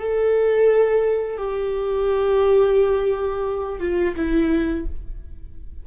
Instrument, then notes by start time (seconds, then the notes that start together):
viola
0.00 A4
1.38 G4
3.81 F4
4.16 E4